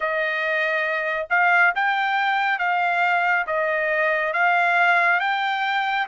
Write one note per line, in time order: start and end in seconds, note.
0.00 1.27 D#5
1.30 1.73 F5
1.75 2.58 G5
2.58 3.45 F5
3.46 4.33 D#5
4.33 5.20 F5
5.20 6.07 G5